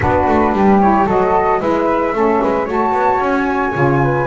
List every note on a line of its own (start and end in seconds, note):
0.00 0.27 B3
0.00 0.79 D4
0.00 0.54 F#4
0.00 0.80 B4
0.27 0.52 A3
0.52 1.06 G3
0.52 1.06 G4
0.80 1.07 E4
0.80 1.07 C#5
1.06 1.60 F#3
1.06 1.60 F#4
1.06 1.59 A4
1.06 1.60 D#5
1.60 2.12 G#3
1.60 2.13 E4
1.60 2.14 B4
1.60 2.68 E5
2.12 2.39 A3
2.12 2.66 C#4
2.12 2.42 A4
2.42 2.67 G#3
2.42 2.65 B4
2.65 2.92 A3
2.65 3.73 F#4
2.65 3.99 C#5
2.71 3.22 A5
2.92 3.19 B3
3.19 3.73 C#4
3.19 4.27 G#5
3.73 4.27 C#3
3.73 4.27 F4
4.03 4.27 B4